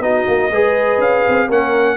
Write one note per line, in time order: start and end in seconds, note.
0.00 0.25 B3
0.00 0.50 D#4
0.00 0.51 F#4
0.00 1.01 D#5
0.27 0.50 A#3
0.50 0.98 G#3
0.50 1.50 G#4
0.50 1.48 B4
0.98 1.23 C#4
0.98 1.51 F5
1.28 1.49 C4
1.48 1.97 A#3
1.48 1.97 C#4
1.48 1.97 A#4
1.48 1.97 F#5